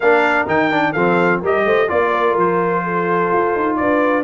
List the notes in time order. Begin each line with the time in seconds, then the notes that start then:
0.00 A#3 D4 A#4 F5
0.46 D#3 D#4 G5
0.71 D4
0.92 F3 C4 A4 F5
1.41 G3 G4 A#4 D#5
1.64 A3 C5
1.88 A#3 F4 D5
2.12 A#4
2.36 F3 C5
2.83 A4
3.32 F4
3.55 D#4
3.76 D4 B4 D5